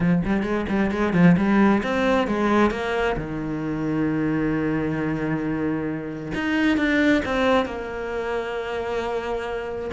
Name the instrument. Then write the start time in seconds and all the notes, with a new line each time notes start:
cello
0.00 F3
0.25 G3
0.42 G#3
0.68 G3
0.91 G#3
1.13 F3
1.37 G3
1.83 C4
2.27 G#3
2.70 A#3
3.16 D#3
6.34 D#4
6.77 D4
7.25 C4
7.65 A#3